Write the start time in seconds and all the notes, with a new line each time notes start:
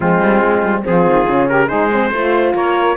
0.00 F3 G#3 C4 F4
0.20 G3
0.41 G#3
0.62 G3
0.83 F3 C4 F4 G#4
1.06 D#3
1.27 C#3 C#4
1.48 G4 A#4
1.66 G#3 D#4 G#4 C5
1.92 C4
2.11 A3 F4 C5
2.54 A#3 A#4 C#5